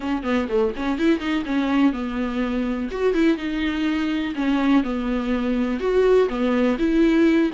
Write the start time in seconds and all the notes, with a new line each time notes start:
0.00 C#4
0.23 B3
0.48 A3
0.76 C#4
0.98 E4
1.19 D#4
1.45 C#4
1.92 B3
2.90 F#4
3.14 E4
3.37 D#4
4.35 C#4
4.83 B3
5.80 F#4
6.28 B3
6.78 E4